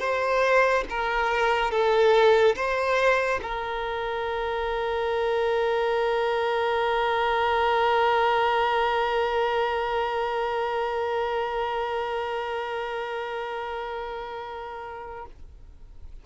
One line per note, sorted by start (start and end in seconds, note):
0.00 0.85 C5
0.90 1.71 A#4
1.71 2.55 A4
2.56 3.41 C5
3.43 15.26 A#4